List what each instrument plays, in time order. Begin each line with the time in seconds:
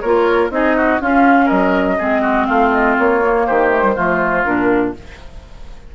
0.00 bassoon A#3, clarinet F4, oboe A#4, flute C#5
0.50 bassoon C4, clarinet D#4, oboe G#4, flute D#5
0.76 oboe F#4
1.00 clarinet C#4, bassoon C#4, oboe F4, flute F5
1.45 bassoon F#3, oboe A#4, flute D#5
1.98 bassoon G#3, clarinet C4, oboe G#4
2.22 oboe F#4
2.46 bassoon A3, oboe F4, flute F5
2.71 flute D#5
2.98 bassoon A#3, flute C#5
3.22 clarinet A#3
3.46 bassoon D#3, oboe G4, flute C5
3.70 clarinet A3
3.82 clarinet G3
3.95 bassoon F3, clarinet A3, oboe F4
4.44 bassoon A#2, clarinet D4, flute A#4